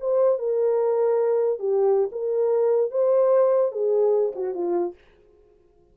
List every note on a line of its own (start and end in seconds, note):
0.00 0.38 C5
0.38 1.59 A#4
1.59 2.09 G4
2.12 2.91 A#4
2.91 3.71 C5
3.71 4.32 G#4
4.35 4.54 F#4
4.54 4.94 F4